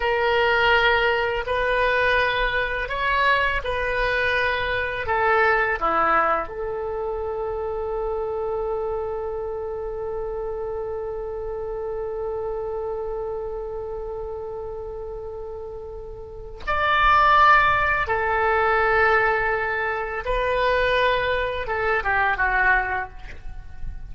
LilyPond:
\new Staff \with { instrumentName = "oboe" } { \time 4/4 \tempo 4 = 83 ais'2 b'2 | cis''4 b'2 a'4 | e'4 a'2.~ | a'1~ |
a'1~ | a'2. d''4~ | d''4 a'2. | b'2 a'8 g'8 fis'4 | }